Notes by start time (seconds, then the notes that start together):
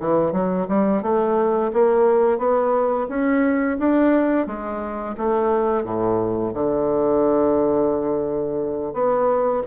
0.00 E3
0.33 F#3
0.68 G3
1.03 A3
1.73 A#3
2.39 B3
3.09 C#4
3.79 D4
4.47 G#3
5.18 A3
5.84 A2
6.54 D3
8.94 B3